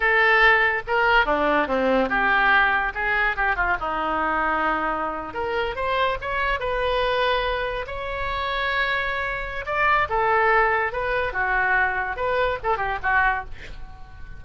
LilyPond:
\new Staff \with { instrumentName = "oboe" } { \time 4/4 \tempo 4 = 143 a'2 ais'4 d'4 | c'4 g'2 gis'4 | g'8 f'8 dis'2.~ | dis'8. ais'4 c''4 cis''4 b'16~ |
b'2~ b'8. cis''4~ cis''16~ | cis''2. d''4 | a'2 b'4 fis'4~ | fis'4 b'4 a'8 g'8 fis'4 | }